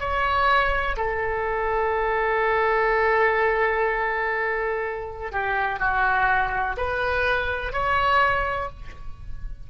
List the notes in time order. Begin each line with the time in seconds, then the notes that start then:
0.00 C#5
0.97 A4
5.32 G4
5.80 F#4
6.77 B4
7.73 C#5